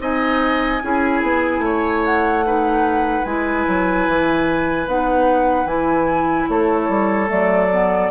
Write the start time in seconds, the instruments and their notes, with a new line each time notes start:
0.00 bassoon C4, clarinet D#4, oboe D#5, flute G#5
0.83 bassoon C#4, clarinet E4, oboe G#4
1.22 bassoon B3
1.59 bassoon A3, oboe C#5
2.05 flute F#5
2.45 clarinet D#4, oboe B4
3.25 bassoon G#3, clarinet E4, flute G#5
3.67 bassoon F#3
4.08 bassoon E3
4.87 bassoon B3, clarinet D#4, flute F#5
5.65 bassoon E3, clarinet E4, flute G#5
6.49 bassoon A3, oboe A4, flute C#5
6.89 bassoon G3
7.27 bassoon F#3, clarinet A3, flute D5
7.72 clarinet B3